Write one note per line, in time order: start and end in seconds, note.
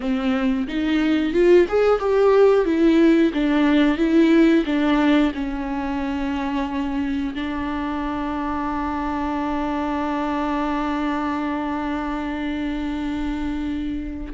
0.00 0.67 C4
0.67 1.33 D#4
1.33 1.66 F4
1.68 1.99 G#4
1.99 2.65 G4
2.65 3.32 E4
3.33 3.97 D4
3.97 4.64 E4
4.65 5.32 D4
5.34 7.34 C#4
7.35 14.33 D4